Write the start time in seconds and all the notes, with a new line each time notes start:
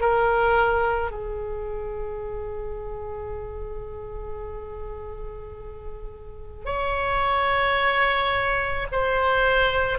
0.00 A#4
1.11 G#4
6.65 C#5
8.92 C5